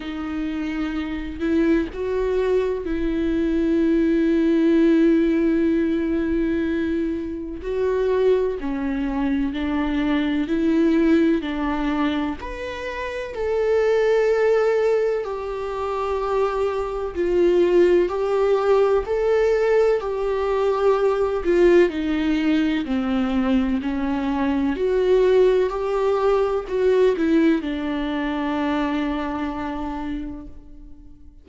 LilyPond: \new Staff \with { instrumentName = "viola" } { \time 4/4 \tempo 4 = 63 dis'4. e'8 fis'4 e'4~ | e'1 | fis'4 cis'4 d'4 e'4 | d'4 b'4 a'2 |
g'2 f'4 g'4 | a'4 g'4. f'8 dis'4 | c'4 cis'4 fis'4 g'4 | fis'8 e'8 d'2. | }